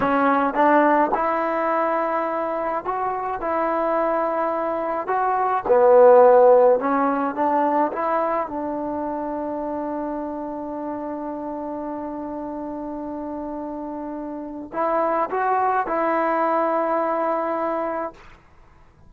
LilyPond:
\new Staff \with { instrumentName = "trombone" } { \time 4/4 \tempo 4 = 106 cis'4 d'4 e'2~ | e'4 fis'4 e'2~ | e'4 fis'4 b2 | cis'4 d'4 e'4 d'4~ |
d'1~ | d'1~ | d'2 e'4 fis'4 | e'1 | }